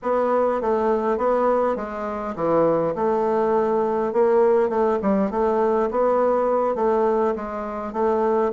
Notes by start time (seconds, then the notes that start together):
0.02 B3
0.61 A3
1.17 B3
1.75 G#3
2.35 E3
2.95 A3
4.12 A#3
4.69 A3
5.02 G3
5.30 A3
5.91 B3
6.75 A3
7.35 G#3
7.93 A3